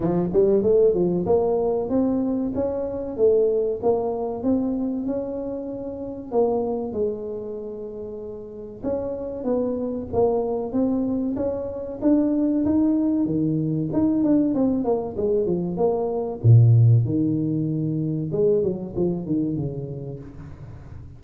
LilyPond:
\new Staff \with { instrumentName = "tuba" } { \time 4/4 \tempo 4 = 95 f8 g8 a8 f8 ais4 c'4 | cis'4 a4 ais4 c'4 | cis'2 ais4 gis4~ | gis2 cis'4 b4 |
ais4 c'4 cis'4 d'4 | dis'4 dis4 dis'8 d'8 c'8 ais8 | gis8 f8 ais4 ais,4 dis4~ | dis4 gis8 fis8 f8 dis8 cis4 | }